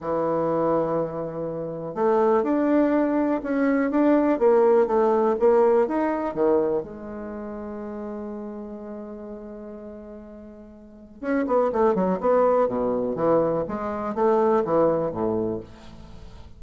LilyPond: \new Staff \with { instrumentName = "bassoon" } { \time 4/4 \tempo 4 = 123 e1 | a4 d'2 cis'4 | d'4 ais4 a4 ais4 | dis'4 dis4 gis2~ |
gis1~ | gis2. cis'8 b8 | a8 fis8 b4 b,4 e4 | gis4 a4 e4 a,4 | }